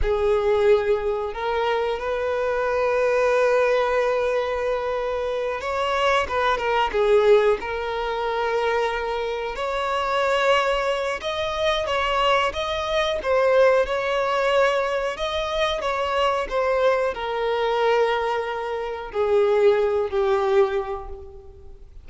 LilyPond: \new Staff \with { instrumentName = "violin" } { \time 4/4 \tempo 4 = 91 gis'2 ais'4 b'4~ | b'1~ | b'8 cis''4 b'8 ais'8 gis'4 ais'8~ | ais'2~ ais'8 cis''4.~ |
cis''4 dis''4 cis''4 dis''4 | c''4 cis''2 dis''4 | cis''4 c''4 ais'2~ | ais'4 gis'4. g'4. | }